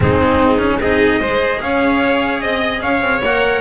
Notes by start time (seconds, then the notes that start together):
0.00 G#3 C4 D#4 G#4
0.58 C#4
0.79 C4 D#4 G#4 D#5
1.20 G#3 G#4 C5
1.61 C#4 C#5 F5
2.40 C4 D#5
2.81 C#4 C#5 F5
3.00 C4
3.21 A#3 A#4 F#5